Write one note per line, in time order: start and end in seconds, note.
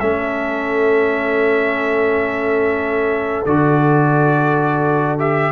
0.00 3.45 A3
0.00 3.46 C#4
0.00 5.52 A4
0.00 3.45 E5
3.45 5.52 D3
3.45 5.18 F#4
3.45 5.18 D5
5.18 5.52 G4
5.18 5.52 E5